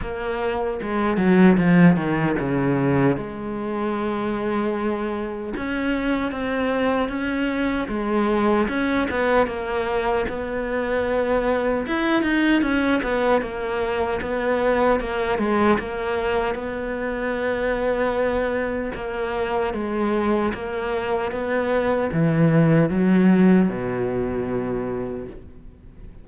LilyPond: \new Staff \with { instrumentName = "cello" } { \time 4/4 \tempo 4 = 76 ais4 gis8 fis8 f8 dis8 cis4 | gis2. cis'4 | c'4 cis'4 gis4 cis'8 b8 | ais4 b2 e'8 dis'8 |
cis'8 b8 ais4 b4 ais8 gis8 | ais4 b2. | ais4 gis4 ais4 b4 | e4 fis4 b,2 | }